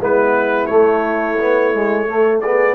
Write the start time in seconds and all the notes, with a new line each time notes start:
0.00 G#3 B3 E4 B4
0.67 A3 C#5
1.39 B3
1.73 G#3
2.08 A3 A4
2.41 B3 G#4 D5